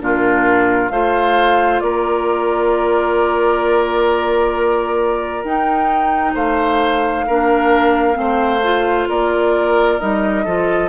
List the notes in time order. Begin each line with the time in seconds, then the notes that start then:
0.00 A#2 D4 F4 A#4
0.89 A3 F4 C5 F5
1.80 A#3 A#4 D5
5.44 D#4 G5
6.34 A3 C5 F5
7.27 A#3 D4 A#4
8.14 A3 C4 C5
8.63 F4
9.09 A#3 A#4 D5
9.99 G3 D#4 D#5
10.45 F3 F4 A4